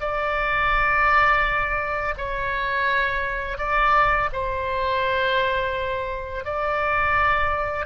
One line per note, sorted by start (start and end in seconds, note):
0.00 2.14 D5
2.17 3.57 C#5
3.57 4.29 D5
4.32 6.44 C5
6.44 7.85 D5